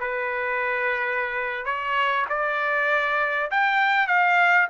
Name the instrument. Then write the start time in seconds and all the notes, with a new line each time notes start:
trumpet
0.00 B4
1.65 C#5
2.29 D5
3.50 G5
4.07 F5